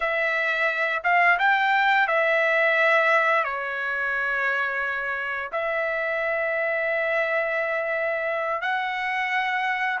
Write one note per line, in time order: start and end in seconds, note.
0.00 1.02 E5
1.03 1.38 F5
1.38 2.07 G5
2.07 3.44 E5
3.44 5.50 C#5
5.52 8.61 E5
8.61 9.99 F#5